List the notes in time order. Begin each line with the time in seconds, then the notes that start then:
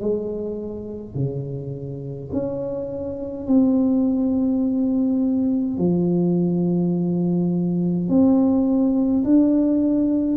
0.00 G#3
1.14 C#3
2.32 C#4
3.47 C4
5.77 F3
8.08 C4
9.24 D4